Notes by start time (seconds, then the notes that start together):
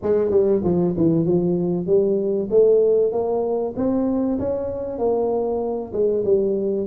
0.02 G#3
0.30 G3
0.64 F3
0.97 E3
1.25 F3
1.86 G3
2.50 A3
3.11 A#3
3.76 C4
4.39 C#4
4.98 A#3
5.92 G#3
6.24 G3